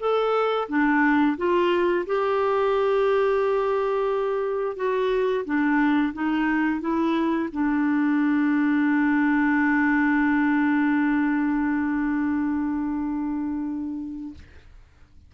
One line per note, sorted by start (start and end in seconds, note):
0.00 0.68 A4
0.69 1.37 D4
1.37 2.05 F4
2.06 4.76 G4
4.76 5.45 F#4
5.45 6.13 D4
6.13 6.81 D#4
6.81 7.49 E4
7.52 14.34 D4